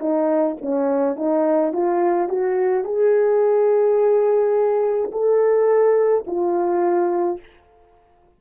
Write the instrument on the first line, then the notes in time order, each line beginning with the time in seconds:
horn
0.00 D#4
0.62 C#4
1.17 D#4
1.73 F4
2.29 F#4
2.85 G#4
5.12 A4
6.27 F4